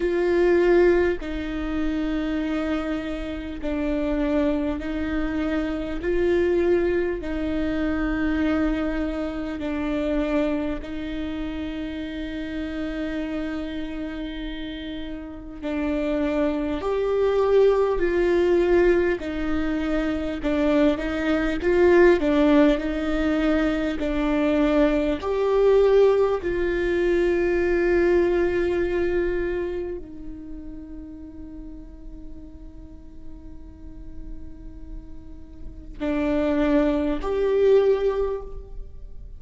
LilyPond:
\new Staff \with { instrumentName = "viola" } { \time 4/4 \tempo 4 = 50 f'4 dis'2 d'4 | dis'4 f'4 dis'2 | d'4 dis'2.~ | dis'4 d'4 g'4 f'4 |
dis'4 d'8 dis'8 f'8 d'8 dis'4 | d'4 g'4 f'2~ | f'4 dis'2.~ | dis'2 d'4 g'4 | }